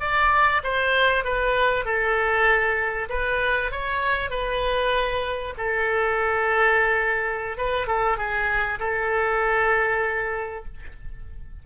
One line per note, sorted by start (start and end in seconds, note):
0.00 0.62 D5
0.63 1.24 C5
1.24 1.85 B4
1.85 3.08 A4
3.09 3.71 B4
3.71 4.30 C#5
4.30 5.54 B4
5.57 7.57 A4
7.57 7.87 B4
7.87 8.17 A4
8.17 8.79 G#4
8.79 10.65 A4